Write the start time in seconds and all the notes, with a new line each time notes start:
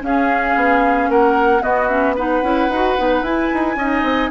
0.00 C#4 G#4 F5
0.56 B3
1.09 A#3 A#4 F#5
1.60 B3 F#4 D#5
1.87 C#4 E5
2.15 D#4 B4 F#5
2.42 C#4 E4
2.69 D#4 F#4
2.98 B3 D#4
3.22 E4 G#5
3.54 D#4
3.76 C#4 D#4 D#5
4.02 C4